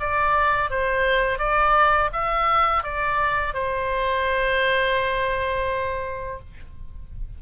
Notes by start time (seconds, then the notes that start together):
0.00 D5
0.70 C5
1.39 D5
2.13 E5
2.83 D5
3.54 C5